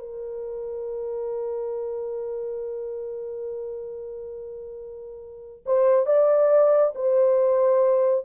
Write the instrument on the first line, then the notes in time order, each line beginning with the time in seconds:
horn
0.00 A#4
5.66 C5
6.07 D5
6.96 C5